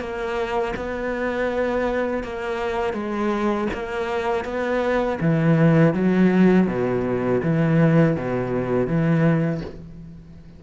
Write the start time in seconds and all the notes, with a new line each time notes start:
0.00 A#3
0.76 B3
2.24 A#3
2.94 G#3
3.73 A#3
4.45 B3
5.21 E3
5.94 F#3
6.67 B2
7.43 E3
8.17 B2
8.87 E3